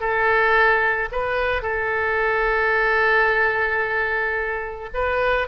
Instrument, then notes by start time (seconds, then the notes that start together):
oboe
0.00 A4
1.12 B4
1.62 A4
4.94 B4